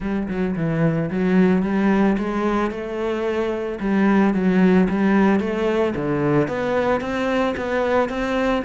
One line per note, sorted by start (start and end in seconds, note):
0.00 0.28 G3
0.28 0.55 F#3
0.56 1.10 E3
1.10 1.62 F#3
1.62 2.16 G3
2.18 2.70 G#3
2.70 3.78 A3
3.80 4.34 G3
4.34 4.88 F#3
4.89 5.40 G3
5.40 5.94 A3
5.95 6.48 D3
6.48 7.00 B3
7.00 7.55 C4
7.57 8.09 B3
8.09 8.63 C4